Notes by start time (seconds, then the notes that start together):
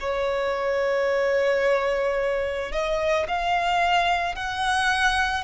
0.00 C#5
2.72 D#5
3.28 F5
4.35 F#5